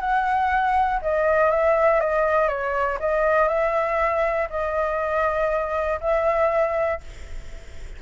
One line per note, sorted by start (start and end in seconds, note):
0.00 1.00 F#5
1.02 1.50 D#5
1.50 2.00 E5
2.00 2.48 D#5
2.48 2.98 C#5
3.00 3.48 D#5
3.48 4.48 E5
4.50 6.00 D#5
6.00 7.00 E5